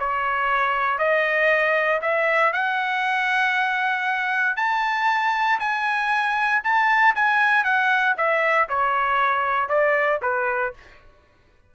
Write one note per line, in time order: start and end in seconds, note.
0.00 0.99 C#5
0.99 2.01 D#5
2.02 2.53 E5
2.53 4.57 F#5
4.57 5.60 A5
5.60 6.62 G#5
6.64 7.15 A5
7.16 7.65 G#5
7.65 8.16 F#5
8.17 8.69 E5
8.69 9.69 C#5
9.69 10.21 D5
10.23 10.74 B4